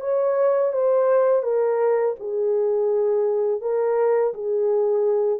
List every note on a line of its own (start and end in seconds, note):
0.00 0.72 C#5
0.72 1.43 C5
1.43 2.15 A#4
2.19 3.61 G#4
3.61 4.33 A#4
4.33 5.39 G#4